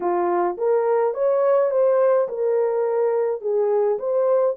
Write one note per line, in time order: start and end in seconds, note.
0.00 0.56 F4
0.57 1.14 A#4
1.14 1.71 C#5
1.71 2.28 C5
2.28 3.41 A#4
3.41 3.98 G#4
3.98 4.56 C5